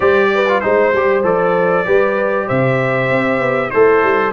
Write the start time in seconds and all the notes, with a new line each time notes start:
0.00 G3 G4 C5 D5
0.34 B4
0.48 F4
0.60 G#3 D#4 C5
0.93 G3 G4
1.23 F3 A4 D5
1.85 G3 G4 B4
2.46 C3 C5 E5
3.11 C4
3.39 B3
3.70 A3 E4 A4 C5
4.03 G3